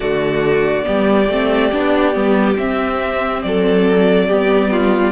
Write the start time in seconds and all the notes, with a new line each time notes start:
0.00 D3 A3 F#4 D5
0.83 G3 B3 G4
1.29 A3 C4
1.72 B3 D4
2.13 G3 B3
2.56 C4 E5
3.42 F#3 A4 D5
4.27 G3 B3 G4
4.71 F4